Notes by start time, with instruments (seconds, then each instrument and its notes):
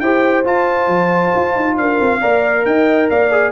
0.00 tuba E4, trombone G4, horn C5, trumpet G5
0.45 tuba F4, trombone F4, trumpet A5
0.88 tuba F3
1.35 tuba F4
1.56 tuba D#4
1.78 tuba D4, horn A#4, trumpet F5
2.01 tuba C4
2.21 tuba A#3, trombone A#4, horn D5
2.65 tuba D#4, horn D#5, trumpet G5
3.10 tuba A#3, horn D5, trumpet F5
3.31 trombone G#4